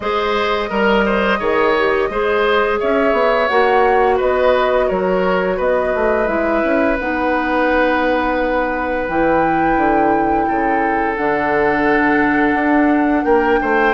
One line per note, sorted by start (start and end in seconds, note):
0.00 0.70 G#3
0.00 0.68 G#4
0.00 0.69 C5
0.00 2.79 D#5
0.68 1.40 G3
0.68 1.38 A#4
0.68 1.04 A#4
1.05 1.39 C5
1.39 2.09 D#3
1.39 1.74 G#4
1.39 2.09 C#5
1.78 2.11 G4
2.09 2.79 G#3
2.09 3.50 G#4
2.09 2.79 C5
2.79 3.12 C#4
2.79 4.16 C#5
2.79 3.47 E5
3.12 3.47 B3
3.47 4.20 A#3
3.47 6.27 F#4
3.47 4.17 F#5
4.16 4.90 B3
4.16 4.86 B4
4.16 4.89 D#5
4.87 5.59 F#3
4.87 5.57 A#4
4.87 5.58 C#5
5.57 5.93 B3
5.57 10.45 B4
5.57 6.27 D#5
5.94 6.28 A3
6.27 6.62 G#3
6.27 6.97 E4
6.27 6.97 E5
6.63 6.98 C#4
6.99 9.08 B3
6.99 9.09 D#4
6.99 9.06 F#5
9.06 9.76 E3
9.06 11.17 E4
9.06 11.15 G5
9.76 10.46 D3
10.47 11.17 C#3
10.47 13.24 A4
11.15 12.54 D3
11.15 13.94 D4
11.15 13.24 F#5
12.54 13.24 D4
13.24 13.59 A#3
13.24 13.59 A#4
13.24 13.94 G5
13.61 13.94 A3
13.61 13.94 C5